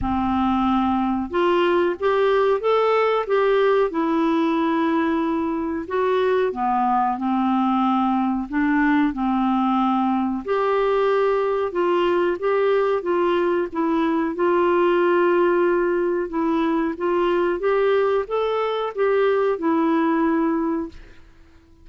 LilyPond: \new Staff \with { instrumentName = "clarinet" } { \time 4/4 \tempo 4 = 92 c'2 f'4 g'4 | a'4 g'4 e'2~ | e'4 fis'4 b4 c'4~ | c'4 d'4 c'2 |
g'2 f'4 g'4 | f'4 e'4 f'2~ | f'4 e'4 f'4 g'4 | a'4 g'4 e'2 | }